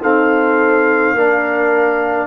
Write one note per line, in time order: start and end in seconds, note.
0.00 1.16 C4
0.00 1.13 D#4
0.00 1.15 A4
0.00 2.27 F5
1.14 2.27 A#3
1.14 2.27 D4
1.14 2.27 A#4